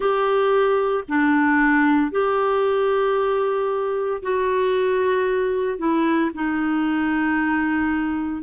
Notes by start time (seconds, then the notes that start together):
0.00 G4
1.08 D4
2.11 G4
4.22 F#4
5.78 E4
6.34 D#4